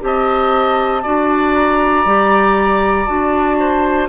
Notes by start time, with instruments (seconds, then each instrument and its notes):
0.00 bassoon C4, clarinet G4, oboe D#5, flute A5
1.02 bassoon D4, clarinet F#4, oboe D5
1.54 flute A#5
2.05 bassoon G3, clarinet G4
3.06 bassoon D4, clarinet F#4, flute A5
3.59 oboe C5